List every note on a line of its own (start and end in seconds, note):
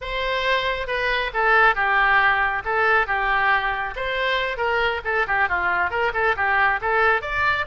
0.01 0.87 C5
0.87 1.31 B4
1.33 1.75 A4
1.75 2.62 G4
2.65 3.06 A4
3.06 3.94 G4
3.96 4.57 C5
4.57 5.01 A#4
5.04 5.26 A4
5.27 5.48 G4
5.48 5.90 F4
5.90 6.12 A#4
6.13 6.35 A4
6.36 6.80 G4
6.81 7.21 A4
7.21 7.65 D5